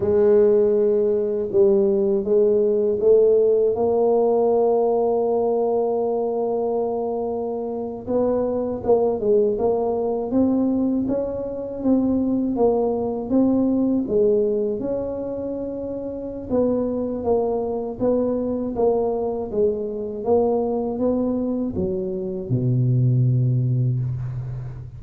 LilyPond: \new Staff \with { instrumentName = "tuba" } { \time 4/4 \tempo 4 = 80 gis2 g4 gis4 | a4 ais2.~ | ais2~ ais8. b4 ais16~ | ais16 gis8 ais4 c'4 cis'4 c'16~ |
c'8. ais4 c'4 gis4 cis'16~ | cis'2 b4 ais4 | b4 ais4 gis4 ais4 | b4 fis4 b,2 | }